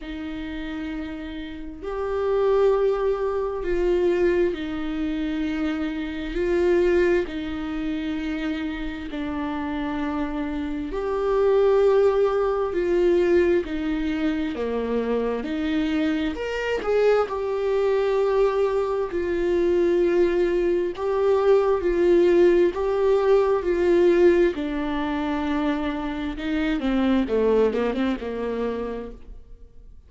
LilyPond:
\new Staff \with { instrumentName = "viola" } { \time 4/4 \tempo 4 = 66 dis'2 g'2 | f'4 dis'2 f'4 | dis'2 d'2 | g'2 f'4 dis'4 |
ais4 dis'4 ais'8 gis'8 g'4~ | g'4 f'2 g'4 | f'4 g'4 f'4 d'4~ | d'4 dis'8 c'8 a8 ais16 c'16 ais4 | }